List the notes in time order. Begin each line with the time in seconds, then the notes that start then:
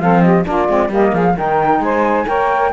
0.00 F3 C4 A4 F5
0.22 G4 D#5
0.45 A#3 D4 F4 D5
0.69 G#3 C4
0.89 G3 A#3 G4 D#5
1.13 F3 G#4 F5
1.36 D#3 D#4 A#4 G5
1.79 G#3 C5 G#5
2.27 A#3 A#4 C#5 G5